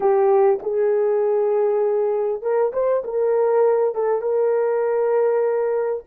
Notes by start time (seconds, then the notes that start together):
0.00 G4
0.62 G#4
2.41 A#4
2.72 C5
3.04 A#4
3.94 A4
4.21 A#4